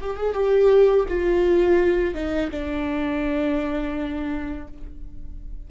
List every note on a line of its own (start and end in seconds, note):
0.00 0.16 G4
0.16 0.33 G#4
0.33 1.05 G4
1.08 2.14 F4
2.14 2.50 D#4
2.50 4.67 D4